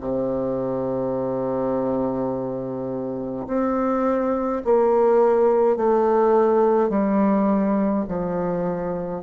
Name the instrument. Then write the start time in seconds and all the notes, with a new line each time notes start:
bassoon
0.00 C3
3.47 C4
4.65 A#3
5.76 A3
6.89 G3
8.08 F3